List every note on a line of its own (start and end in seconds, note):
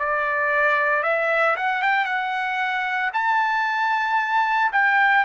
0.00 1.03 D5
1.03 1.56 E5
1.56 1.82 F#5
1.82 2.06 G5
2.06 3.11 F#5
3.14 4.72 A5
4.73 5.25 G5